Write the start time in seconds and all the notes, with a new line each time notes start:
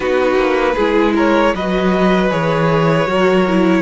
0.00 B3 D#4 F#4 B4
0.35 A#3
0.75 G#3 E4 G#4
1.15 A#4 C#5
1.54 F#3 F#4 B4 D#5
2.30 E3 G#4 C#5
3.06 F#3 F#4 A#4
3.48 E4